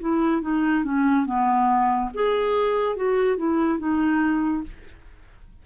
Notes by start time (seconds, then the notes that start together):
0.00 E4
0.42 D#4
0.85 C#4
1.26 B3
2.14 G#4
2.96 F#4
3.37 E4
3.79 D#4